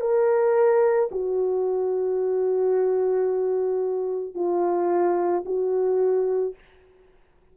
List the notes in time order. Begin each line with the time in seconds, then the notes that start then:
0.00 A#4
1.12 F#4
4.34 F4
5.45 F#4